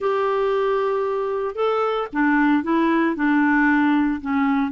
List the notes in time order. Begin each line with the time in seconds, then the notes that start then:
0.00 G4
1.55 A4
2.12 D4
2.63 E4
3.15 D4
4.21 C#4